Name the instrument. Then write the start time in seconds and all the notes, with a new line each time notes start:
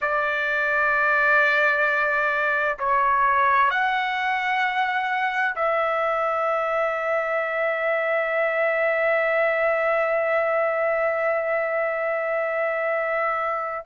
trumpet
0.01 D5
2.78 C#5
3.70 F#5
5.56 E5